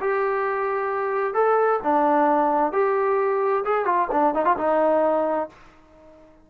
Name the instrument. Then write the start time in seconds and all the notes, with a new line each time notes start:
trombone
0.00 G4
1.34 A4
1.83 D4
2.72 G4
3.65 G#4
3.85 F4
4.11 D4
4.34 D#4
4.45 F4
4.57 D#4